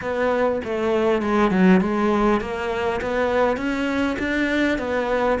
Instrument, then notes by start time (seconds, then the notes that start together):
cello
0.01 B3
0.64 A3
1.22 G#3
1.50 F#3
1.80 G#3
2.40 A#3
3.01 B3
3.56 C#4
4.18 D4
4.78 B3